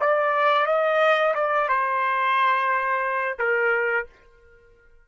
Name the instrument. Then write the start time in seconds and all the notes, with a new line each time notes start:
trumpet
0.00 D5
0.66 D#5
1.35 D5
1.69 C5
3.39 A#4